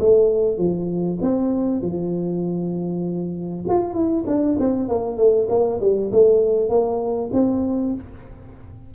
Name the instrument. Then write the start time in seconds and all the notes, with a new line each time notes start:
tuba
0.00 A3
0.58 F3
1.22 C4
1.82 F3
3.69 F4
3.94 E4
4.27 D4
4.60 C4
4.89 A#3
5.18 A3
5.50 A#3
5.81 G3
6.12 A3
6.70 A#3
7.33 C4